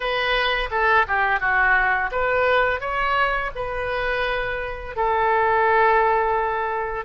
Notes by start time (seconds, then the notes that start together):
0.00 B4
0.70 A4
1.07 G4
1.40 F#4
2.11 B4
2.80 C#5
3.55 B4
4.95 A4